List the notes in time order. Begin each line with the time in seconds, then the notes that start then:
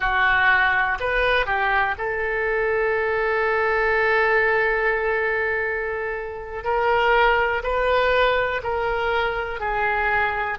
0.00 F#4
1.00 B4
1.45 G4
1.98 A4
6.64 A#4
7.63 B4
8.63 A#4
9.59 G#4